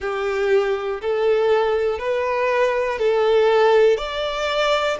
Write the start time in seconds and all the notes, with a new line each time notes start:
0.00 G4
1.01 A4
1.98 B4
2.99 A4
3.97 D5